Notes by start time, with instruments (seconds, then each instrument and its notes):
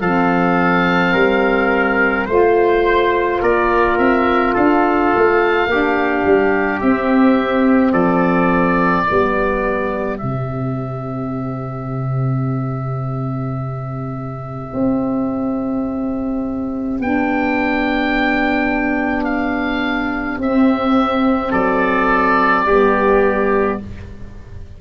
0.00 tuba F3, saxophone C4, trumpet A4, oboe F5
1.12 tuba G3, trumpet A#4
2.26 tuba A3, saxophone F4, trumpet C5, oboe C5
3.41 tuba A#3, trumpet A#4, oboe D5
3.98 tuba C4, oboe E5
4.53 tuba D4, trumpet A4, oboe F5
5.15 tuba A3
5.66 tuba A#3, saxophone D4, trumpet G4
6.26 tuba G3
6.80 saxophone C4, tuba C4, oboe E5
7.92 tuba F3, trumpet A4, oboe D5
9.05 tuba G3, saxophone B3, trumpet G4
10.18 tuba C3, saxophone C4, oboe E5
14.73 tuba C4
17.00 tuba B3, saxophone D4, oboe G5
19.24 oboe F5
20.38 tuba C4, saxophone C4, oboe E5
21.50 tuba F#3, trumpet A4, oboe D5
22.65 tuba G3, saxophone B3, trumpet G4